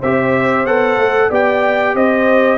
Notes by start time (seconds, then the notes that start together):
0.00 C4 G4 C5 E5
0.66 B3 A4 F#5
0.97 A3
1.29 B3 G4 D5 G5
1.95 C4 C5 D#5